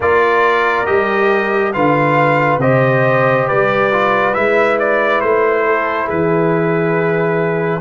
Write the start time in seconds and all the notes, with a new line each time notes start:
0.00 A#3 F4 A#4 D5
0.85 G3 G4 D#5
1.73 D3 F4 B4 F5
2.57 C3 G4 C5 D#5
3.47 G3 B4 D5
3.92 F4
4.33 G#3 E4 E5
4.79 D5
5.20 A3 C5
5.66 A4
6.06 E3 G#4 B4